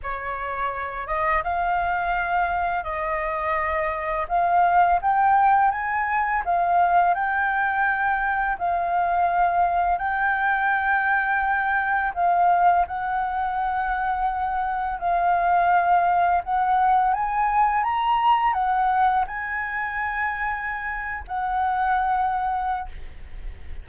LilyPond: \new Staff \with { instrumentName = "flute" } { \time 4/4 \tempo 4 = 84 cis''4. dis''8 f''2 | dis''2 f''4 g''4 | gis''4 f''4 g''2 | f''2 g''2~ |
g''4 f''4 fis''2~ | fis''4 f''2 fis''4 | gis''4 ais''4 fis''4 gis''4~ | gis''4.~ gis''16 fis''2~ fis''16 | }